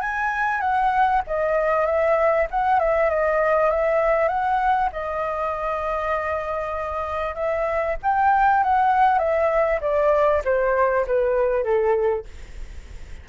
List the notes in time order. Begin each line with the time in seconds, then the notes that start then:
0.00 G#5
0.60 F#5
1.26 D#5
1.85 E5
2.50 F#5
2.79 E5
3.09 D#5
3.70 E5
4.28 F#5
4.91 D#5
7.35 E5
8.02 G5
8.63 F#5
9.18 E5
9.81 D5
10.44 C5
11.07 B4
11.63 A4